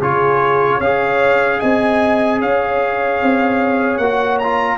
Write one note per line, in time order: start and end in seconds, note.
0.00 0.80 C#3
0.00 0.81 F4
0.00 0.77 G#4
0.00 0.80 C#5
0.77 1.60 C#4
0.77 4.02 G#4
0.77 1.57 C#5
0.77 1.60 F5
1.59 2.41 C4
1.59 2.39 D#5
1.59 2.40 G#5
2.40 3.21 C#4
2.40 4.77 C#5
2.40 3.97 F5
3.21 3.98 C4
3.97 4.77 A#3
3.97 4.42 F#4
3.97 4.37 F#5
4.38 4.77 F4
4.38 4.77 A#5